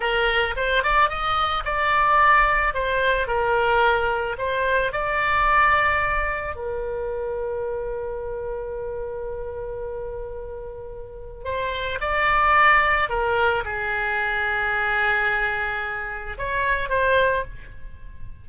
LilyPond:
\new Staff \with { instrumentName = "oboe" } { \time 4/4 \tempo 4 = 110 ais'4 c''8 d''8 dis''4 d''4~ | d''4 c''4 ais'2 | c''4 d''2. | ais'1~ |
ais'1~ | ais'4 c''4 d''2 | ais'4 gis'2.~ | gis'2 cis''4 c''4 | }